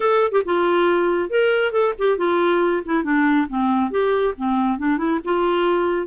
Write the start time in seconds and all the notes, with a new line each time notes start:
0.00 A4
0.31 G4
0.45 F4
1.29 A#4
1.72 A4
1.98 G4
2.17 F4
2.85 E4
3.03 D4
3.48 C4
3.90 G4
4.37 C4
4.78 D4
4.97 E4
5.24 F4